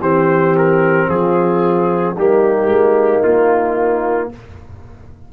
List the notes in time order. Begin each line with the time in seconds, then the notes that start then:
0.00 E3 C4 G4 C5
0.57 A#4
1.07 F3 F4 G#4
2.15 G3 A#3 D#4 G4
2.66 G#3
3.23 A#3 F4